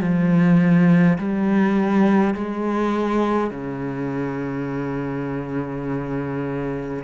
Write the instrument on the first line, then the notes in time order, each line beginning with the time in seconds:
cello
0.00 F3
1.18 G3
2.34 G#3
3.51 C#3